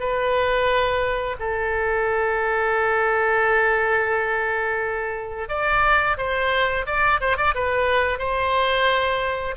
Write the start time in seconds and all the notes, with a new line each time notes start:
0.00 B4
1.39 A4
5.49 D5
6.18 C5
6.86 D5
7.21 C5
7.37 D5
7.55 B4
8.18 C5